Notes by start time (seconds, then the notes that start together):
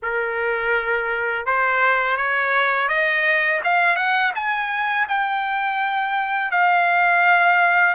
0.02 A#4
1.46 C5
2.17 C#5
2.88 D#5
3.63 F5
3.96 F#5
4.35 G#5
5.08 G5
6.51 F5